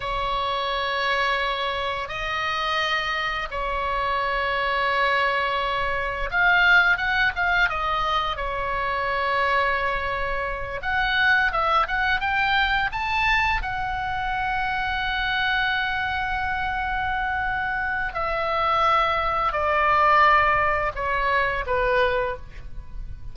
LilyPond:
\new Staff \with { instrumentName = "oboe" } { \time 4/4 \tempo 4 = 86 cis''2. dis''4~ | dis''4 cis''2.~ | cis''4 f''4 fis''8 f''8 dis''4 | cis''2.~ cis''8 fis''8~ |
fis''8 e''8 fis''8 g''4 a''4 fis''8~ | fis''1~ | fis''2 e''2 | d''2 cis''4 b'4 | }